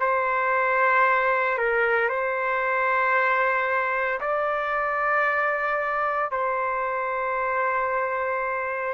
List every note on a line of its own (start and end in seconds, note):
0.00 1.58 C5
1.58 2.09 A#4
2.09 4.20 C5
4.21 6.31 D5
6.31 8.94 C5